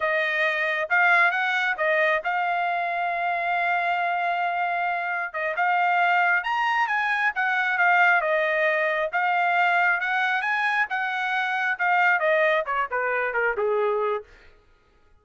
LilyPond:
\new Staff \with { instrumentName = "trumpet" } { \time 4/4 \tempo 4 = 135 dis''2 f''4 fis''4 | dis''4 f''2.~ | f''1 | dis''8 f''2 ais''4 gis''8~ |
gis''8 fis''4 f''4 dis''4.~ | dis''8 f''2 fis''4 gis''8~ | gis''8 fis''2 f''4 dis''8~ | dis''8 cis''8 b'4 ais'8 gis'4. | }